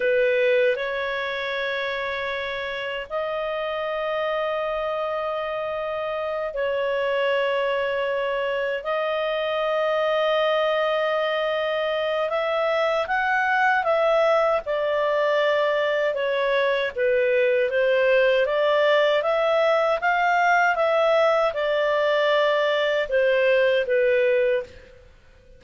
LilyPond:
\new Staff \with { instrumentName = "clarinet" } { \time 4/4 \tempo 4 = 78 b'4 cis''2. | dis''1~ | dis''8 cis''2. dis''8~ | dis''1 |
e''4 fis''4 e''4 d''4~ | d''4 cis''4 b'4 c''4 | d''4 e''4 f''4 e''4 | d''2 c''4 b'4 | }